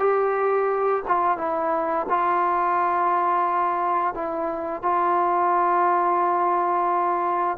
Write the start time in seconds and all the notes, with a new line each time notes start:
0.00 G4
1.08 F4
1.38 E4
2.10 F4
4.15 E4
4.83 F4